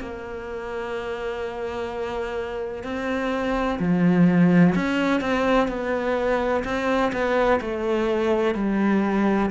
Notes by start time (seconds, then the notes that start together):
0.00 A#3
2.84 C4
3.79 F3
4.75 C#4
5.21 C4
5.68 B3
6.65 C4
7.13 B3
7.61 A3
8.55 G3